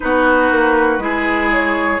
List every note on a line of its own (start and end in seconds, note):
0.00 0.51 B3
0.00 0.99 D#4
0.00 1.03 F#4
0.00 1.50 B4
0.51 0.98 A#3
0.98 1.98 G#3
0.98 1.99 E4
0.98 2.00 G#4
1.52 2.00 C#5